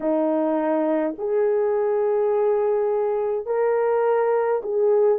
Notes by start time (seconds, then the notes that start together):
0.00 D#4
1.18 G#4
3.46 A#4
4.62 G#4